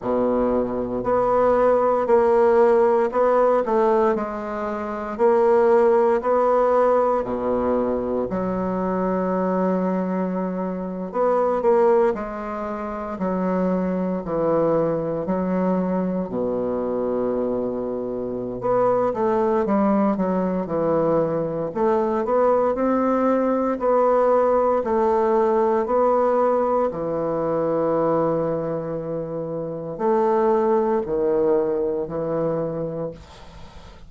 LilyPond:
\new Staff \with { instrumentName = "bassoon" } { \time 4/4 \tempo 4 = 58 b,4 b4 ais4 b8 a8 | gis4 ais4 b4 b,4 | fis2~ fis8. b8 ais8 gis16~ | gis8. fis4 e4 fis4 b,16~ |
b,2 b8 a8 g8 fis8 | e4 a8 b8 c'4 b4 | a4 b4 e2~ | e4 a4 dis4 e4 | }